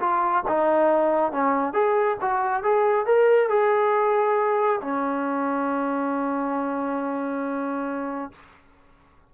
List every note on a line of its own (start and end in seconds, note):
0.00 0.44 F4
0.48 1.32 D#4
1.32 1.73 C#4
1.73 2.17 G#4
2.21 2.63 F#4
2.63 3.06 G#4
3.06 3.49 A#4
3.49 4.81 G#4
4.81 8.32 C#4